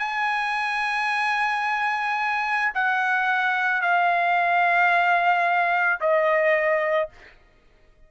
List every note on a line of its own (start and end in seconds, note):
0.00 2.72 G#5
2.75 3.82 F#5
3.82 6.00 F5
6.01 7.10 D#5